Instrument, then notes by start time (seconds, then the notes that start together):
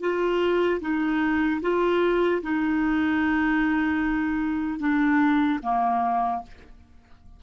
clarinet
0.00 F4
0.80 D#4
1.61 F4
2.42 D#4
4.79 D4
5.62 A#3